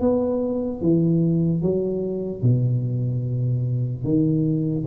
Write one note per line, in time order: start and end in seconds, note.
0.00 0.81 B3
0.81 1.62 E3
1.62 2.42 F#3
2.42 4.04 B2
4.04 4.85 D#3